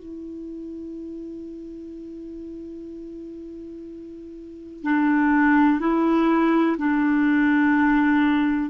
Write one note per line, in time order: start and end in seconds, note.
0.00 4.83 E4
4.83 5.80 D4
5.80 6.77 E4
6.78 8.71 D4